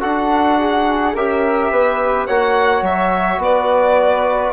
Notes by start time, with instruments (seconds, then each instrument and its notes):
0.00 bassoon D4, trombone F#4, flute A4, violin F#5
0.58 flute G#4
1.14 bassoon C#4, trombone G4, flute A#4, violin E5
1.71 bassoon B3, flute B4
2.27 bassoon A#3, trombone F#4, flute C#5, violin F#5
2.82 bassoon F#3, violin E5
3.38 bassoon B3, violin D5
3.45 flute B4